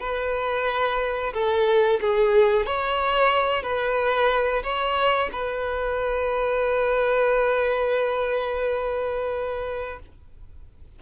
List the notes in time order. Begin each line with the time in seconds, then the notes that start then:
0.00 B4
1.33 A4
2.01 G#4
2.66 C#5
3.63 B4
4.63 C#5
5.32 B4